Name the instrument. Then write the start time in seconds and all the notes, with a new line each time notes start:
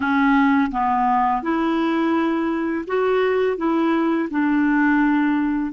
clarinet
0.00 C#4
0.71 B3
1.42 E4
2.87 F#4
3.57 E4
4.30 D4